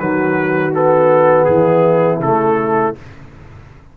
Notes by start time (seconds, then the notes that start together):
0.00 D#3 F#3 F#4 B4
0.73 B3 A4
1.45 E3 E4 G#4
2.20 C#3 A3 A4